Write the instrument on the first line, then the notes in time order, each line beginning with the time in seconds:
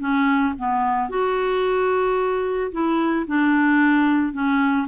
clarinet
0.00 C#4
0.58 B3
1.09 F#4
2.72 E4
3.27 D4
4.33 C#4